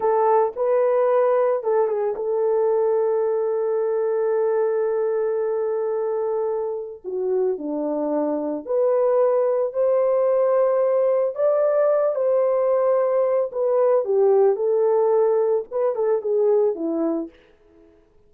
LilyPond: \new Staff \with { instrumentName = "horn" } { \time 4/4 \tempo 4 = 111 a'4 b'2 a'8 gis'8 | a'1~ | a'1~ | a'4 fis'4 d'2 |
b'2 c''2~ | c''4 d''4. c''4.~ | c''4 b'4 g'4 a'4~ | a'4 b'8 a'8 gis'4 e'4 | }